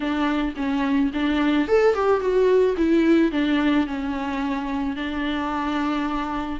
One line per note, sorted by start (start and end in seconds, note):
0.00 0.54 D4
0.56 1.11 C#4
1.13 1.68 D4
1.68 1.94 A4
1.94 2.20 G4
2.20 2.75 F#4
2.77 3.31 E4
3.31 3.86 D4
3.86 4.96 C#4
4.96 6.60 D4